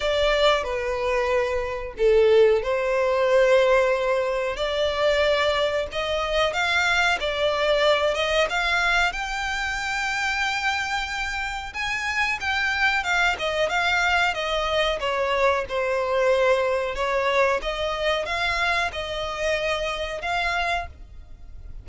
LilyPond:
\new Staff \with { instrumentName = "violin" } { \time 4/4 \tempo 4 = 92 d''4 b'2 a'4 | c''2. d''4~ | d''4 dis''4 f''4 d''4~ | d''8 dis''8 f''4 g''2~ |
g''2 gis''4 g''4 | f''8 dis''8 f''4 dis''4 cis''4 | c''2 cis''4 dis''4 | f''4 dis''2 f''4 | }